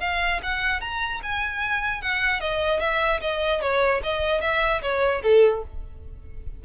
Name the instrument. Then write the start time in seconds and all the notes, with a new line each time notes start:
violin
0.00 F5
0.42 F#5
0.81 A#5
1.23 G#5
2.01 F#5
2.40 D#5
2.80 E5
3.21 D#5
3.61 C#5
4.03 D#5
4.41 E5
4.82 C#5
5.23 A4